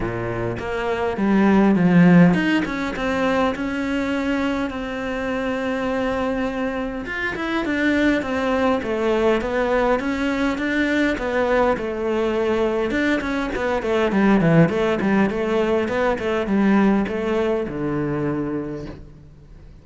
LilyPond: \new Staff \with { instrumentName = "cello" } { \time 4/4 \tempo 4 = 102 ais,4 ais4 g4 f4 | dis'8 cis'8 c'4 cis'2 | c'1 | f'8 e'8 d'4 c'4 a4 |
b4 cis'4 d'4 b4 | a2 d'8 cis'8 b8 a8 | g8 e8 a8 g8 a4 b8 a8 | g4 a4 d2 | }